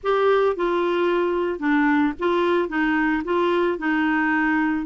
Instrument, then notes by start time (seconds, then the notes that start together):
clarinet
0.03 G4
0.56 F4
1.59 D4
2.19 F4
2.69 D#4
3.24 F4
3.78 D#4